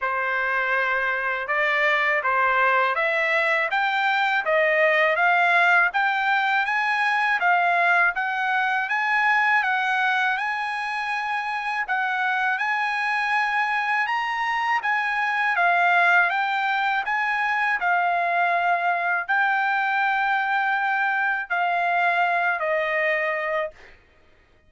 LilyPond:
\new Staff \with { instrumentName = "trumpet" } { \time 4/4 \tempo 4 = 81 c''2 d''4 c''4 | e''4 g''4 dis''4 f''4 | g''4 gis''4 f''4 fis''4 | gis''4 fis''4 gis''2 |
fis''4 gis''2 ais''4 | gis''4 f''4 g''4 gis''4 | f''2 g''2~ | g''4 f''4. dis''4. | }